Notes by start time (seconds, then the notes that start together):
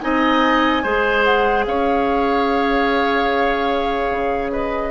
0.00 C4 D#4 D#5 G#5
0.83 G#3 G#4 C5
1.23 F#5
1.66 C#4 C#5 F5
4.11 C#3
4.52 B4 D#5